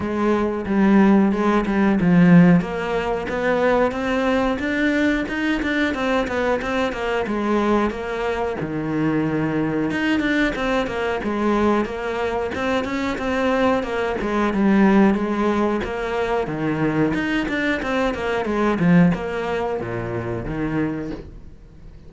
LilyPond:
\new Staff \with { instrumentName = "cello" } { \time 4/4 \tempo 4 = 91 gis4 g4 gis8 g8 f4 | ais4 b4 c'4 d'4 | dis'8 d'8 c'8 b8 c'8 ais8 gis4 | ais4 dis2 dis'8 d'8 |
c'8 ais8 gis4 ais4 c'8 cis'8 | c'4 ais8 gis8 g4 gis4 | ais4 dis4 dis'8 d'8 c'8 ais8 | gis8 f8 ais4 ais,4 dis4 | }